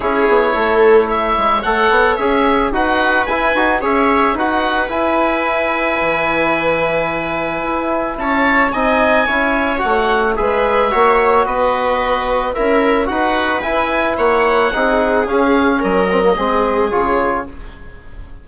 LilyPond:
<<
  \new Staff \with { instrumentName = "oboe" } { \time 4/4 \tempo 4 = 110 cis''2 e''4 fis''4 | e''4 fis''4 gis''4 e''4 | fis''4 gis''2.~ | gis''2. a''4 |
gis''2 fis''4 e''4~ | e''4 dis''2 e''4 | fis''4 gis''4 fis''2 | f''4 dis''2 cis''4 | }
  \new Staff \with { instrumentName = "viola" } { \time 4/4 gis'4 a'4 cis''2~ | cis''4 b'2 cis''4 | b'1~ | b'2. cis''4 |
dis''4 cis''2 b'4 | cis''4 b'2 ais'4 | b'2 cis''4 gis'4~ | gis'4 ais'4 gis'2 | }
  \new Staff \with { instrumentName = "trombone" } { \time 4/4 e'2. a'4 | gis'4 fis'4 e'8 fis'8 gis'4 | fis'4 e'2.~ | e'1 |
dis'4 e'4 fis'4 gis'4 | fis'2. e'4 | fis'4 e'2 dis'4 | cis'4. c'16 ais16 c'4 f'4 | }
  \new Staff \with { instrumentName = "bassoon" } { \time 4/4 cis'8 b8 a4. gis8 a8 b8 | cis'4 dis'4 e'8 dis'8 cis'4 | dis'4 e'2 e4~ | e2 e'4 cis'4 |
c'4 cis'4 a4 gis4 | ais4 b2 cis'4 | dis'4 e'4 ais4 c'4 | cis'4 fis4 gis4 cis4 | }
>>